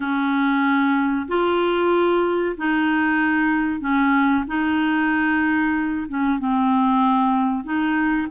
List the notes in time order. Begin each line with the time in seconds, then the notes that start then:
0.00 C#4
1.28 F4
2.57 D#4
3.80 C#4
4.47 D#4
6.08 C#4
6.38 C4
7.64 D#4